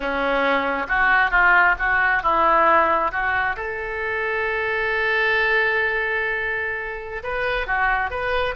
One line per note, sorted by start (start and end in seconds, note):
0.00 0.86 C#4
0.88 1.31 F#4
1.31 1.75 F4
1.78 2.22 F#4
2.22 3.11 E4
3.11 3.56 F#4
3.56 7.23 A4
7.23 7.66 B4
7.66 8.10 F#4
8.10 8.54 B4